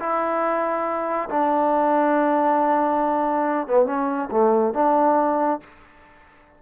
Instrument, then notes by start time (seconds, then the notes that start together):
trombone
0.00 E4
1.30 D4
3.68 B3
3.86 C#4
4.31 A3
4.74 D4